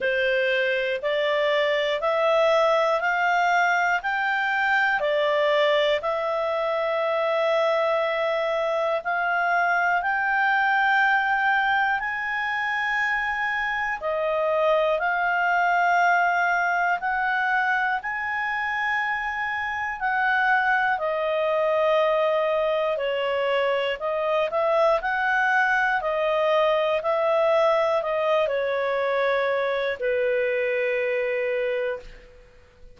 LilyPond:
\new Staff \with { instrumentName = "clarinet" } { \time 4/4 \tempo 4 = 60 c''4 d''4 e''4 f''4 | g''4 d''4 e''2~ | e''4 f''4 g''2 | gis''2 dis''4 f''4~ |
f''4 fis''4 gis''2 | fis''4 dis''2 cis''4 | dis''8 e''8 fis''4 dis''4 e''4 | dis''8 cis''4. b'2 | }